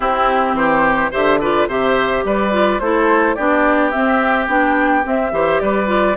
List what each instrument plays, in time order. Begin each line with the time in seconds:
0.00 clarinet C4, bassoon C4, oboe E4, flute G4
0.53 bassoon E3, oboe G4, flute C5
1.11 bassoon D3, clarinet G4, oboe C5, flute E5
1.39 clarinet F4, oboe B4, flute D5
1.67 bassoon C3, clarinet G4, oboe C5, flute E5
2.24 bassoon G3, oboe B4, flute D5
2.51 clarinet F4
2.79 bassoon A3, clarinet E4, oboe A4, flute C5
3.34 bassoon B3, clarinet D4, oboe G4, flute D5
3.90 clarinet C4, bassoon C4, flute E5
4.47 bassoon B3, clarinet D4, flute G5
5.03 clarinet C4, bassoon C4, flute E5
5.32 bassoon E3, clarinet G4, oboe C5
5.59 bassoon G3, oboe B4, flute D5
5.86 clarinet F4